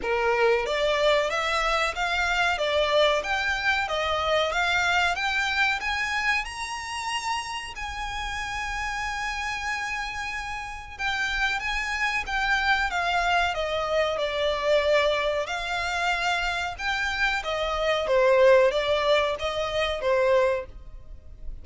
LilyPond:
\new Staff \with { instrumentName = "violin" } { \time 4/4 \tempo 4 = 93 ais'4 d''4 e''4 f''4 | d''4 g''4 dis''4 f''4 | g''4 gis''4 ais''2 | gis''1~ |
gis''4 g''4 gis''4 g''4 | f''4 dis''4 d''2 | f''2 g''4 dis''4 | c''4 d''4 dis''4 c''4 | }